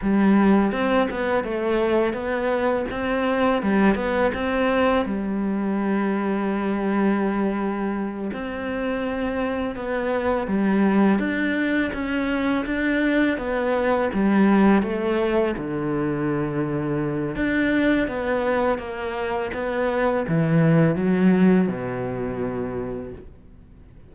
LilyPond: \new Staff \with { instrumentName = "cello" } { \time 4/4 \tempo 4 = 83 g4 c'8 b8 a4 b4 | c'4 g8 b8 c'4 g4~ | g2.~ g8 c'8~ | c'4. b4 g4 d'8~ |
d'8 cis'4 d'4 b4 g8~ | g8 a4 d2~ d8 | d'4 b4 ais4 b4 | e4 fis4 b,2 | }